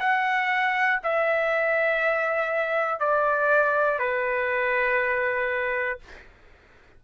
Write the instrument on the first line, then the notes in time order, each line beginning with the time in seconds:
trumpet
0.00 F#5
1.04 E5
3.00 D5
3.99 B4